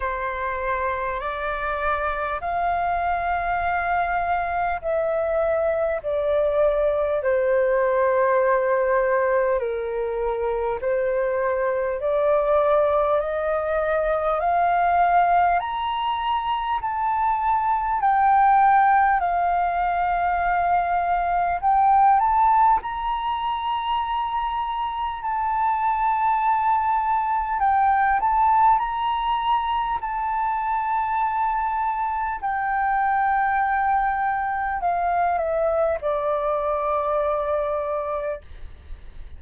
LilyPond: \new Staff \with { instrumentName = "flute" } { \time 4/4 \tempo 4 = 50 c''4 d''4 f''2 | e''4 d''4 c''2 | ais'4 c''4 d''4 dis''4 | f''4 ais''4 a''4 g''4 |
f''2 g''8 a''8 ais''4~ | ais''4 a''2 g''8 a''8 | ais''4 a''2 g''4~ | g''4 f''8 e''8 d''2 | }